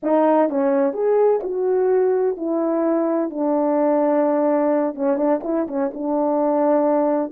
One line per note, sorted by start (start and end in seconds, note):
0.02 0.49 D#4
0.49 0.93 C#4
0.93 1.40 G#4
1.43 2.36 F#4
2.36 3.30 E4
3.30 4.95 D4
4.95 5.16 C#4
5.16 5.40 D4
5.43 5.67 E4
5.67 5.91 C#4
5.93 7.32 D4